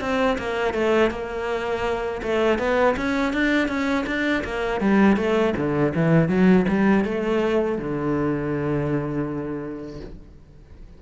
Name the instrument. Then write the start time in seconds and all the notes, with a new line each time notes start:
cello
0.00 C4
0.38 A#3
0.73 A3
1.10 A#3
2.22 A3
2.58 B3
2.96 C#4
3.33 D4
3.68 C#4
4.06 D4
4.44 A#3
4.80 G3
5.16 A3
5.56 D3
5.94 E3
6.28 F#3
6.68 G3
7.04 A3
7.78 D3